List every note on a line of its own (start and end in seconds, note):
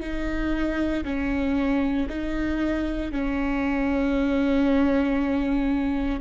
0.00 1.03 D#4
1.04 2.07 C#4
2.09 3.11 D#4
3.11 6.21 C#4